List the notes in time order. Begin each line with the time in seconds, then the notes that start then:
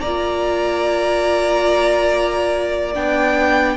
0.00 A#3 D5 A#5
0.06 F4
2.94 B3 D4 G5